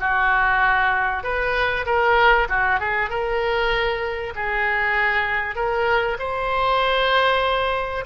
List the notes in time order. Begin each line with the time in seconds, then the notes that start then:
0.00 F#4
1.24 B4
1.86 A#4
2.49 F#4
2.80 G#4
3.10 A#4
4.36 G#4
5.56 A#4
6.19 C5